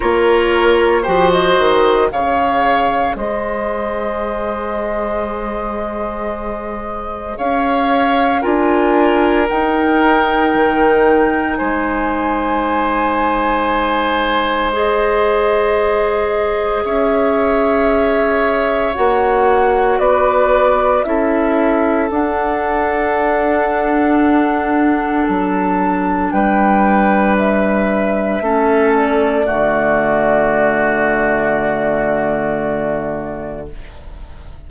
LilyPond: <<
  \new Staff \with { instrumentName = "flute" } { \time 4/4 \tempo 4 = 57 cis''4 g'16 dis''8. f''4 dis''4~ | dis''2. f''4 | gis''4 g''2 gis''4~ | gis''2 dis''2 |
e''2 fis''4 d''4 | e''4 fis''2. | a''4 g''4 e''4. d''8~ | d''1 | }
  \new Staff \with { instrumentName = "oboe" } { \time 4/4 ais'4 c''4 cis''4 c''4~ | c''2. cis''4 | ais'2. c''4~ | c''1 |
cis''2. b'4 | a'1~ | a'4 b'2 a'4 | fis'1 | }
  \new Staff \with { instrumentName = "clarinet" } { \time 4/4 f'4 fis'4 gis'2~ | gis'1 | f'4 dis'2.~ | dis'2 gis'2~ |
gis'2 fis'2 | e'4 d'2.~ | d'2. cis'4 | a1 | }
  \new Staff \with { instrumentName = "bassoon" } { \time 4/4 ais4 f8 dis8 cis4 gis4~ | gis2. cis'4 | d'4 dis'4 dis4 gis4~ | gis1 |
cis'2 ais4 b4 | cis'4 d'2. | fis4 g2 a4 | d1 | }
>>